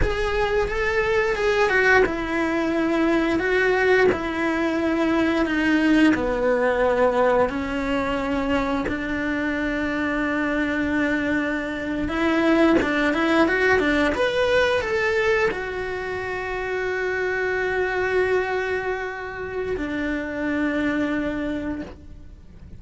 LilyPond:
\new Staff \with { instrumentName = "cello" } { \time 4/4 \tempo 4 = 88 gis'4 a'4 gis'8 fis'8 e'4~ | e'4 fis'4 e'2 | dis'4 b2 cis'4~ | cis'4 d'2.~ |
d'4.~ d'16 e'4 d'8 e'8 fis'16~ | fis'16 d'8 b'4 a'4 fis'4~ fis'16~ | fis'1~ | fis'4 d'2. | }